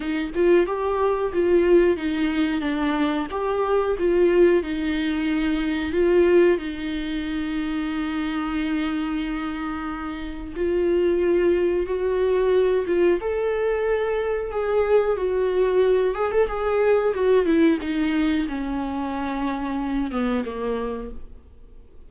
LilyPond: \new Staff \with { instrumentName = "viola" } { \time 4/4 \tempo 4 = 91 dis'8 f'8 g'4 f'4 dis'4 | d'4 g'4 f'4 dis'4~ | dis'4 f'4 dis'2~ | dis'1 |
f'2 fis'4. f'8 | a'2 gis'4 fis'4~ | fis'8 gis'16 a'16 gis'4 fis'8 e'8 dis'4 | cis'2~ cis'8 b8 ais4 | }